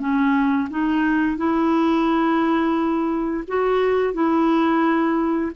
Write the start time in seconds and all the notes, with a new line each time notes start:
0.00 C#4
0.71 D#4
1.38 E4
3.48 F#4
4.14 E4